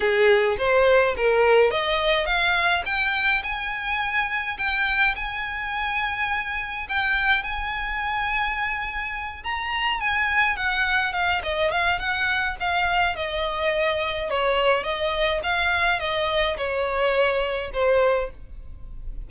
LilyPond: \new Staff \with { instrumentName = "violin" } { \time 4/4 \tempo 4 = 105 gis'4 c''4 ais'4 dis''4 | f''4 g''4 gis''2 | g''4 gis''2. | g''4 gis''2.~ |
gis''8 ais''4 gis''4 fis''4 f''8 | dis''8 f''8 fis''4 f''4 dis''4~ | dis''4 cis''4 dis''4 f''4 | dis''4 cis''2 c''4 | }